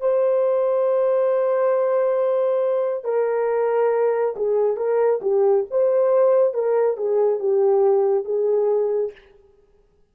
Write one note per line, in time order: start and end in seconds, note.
0.00 3.04 C5
3.04 4.34 A#4
4.36 4.77 G#4
4.77 5.20 A#4
5.22 5.65 G4
5.70 6.54 C5
6.54 6.97 A#4
6.97 7.40 G#4
7.40 8.25 G4
8.25 9.11 G#4